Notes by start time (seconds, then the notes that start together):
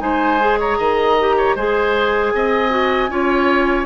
0.00 G#3 D#4 C5 G#5
0.40 G#4
0.59 C#5 A#5
0.78 D#3 D#5
1.20 G4
1.37 C#5
1.56 G#3 G#4 C5 G#5
2.34 C4 D#5
2.70 F#4
3.09 C#4 F4 C#5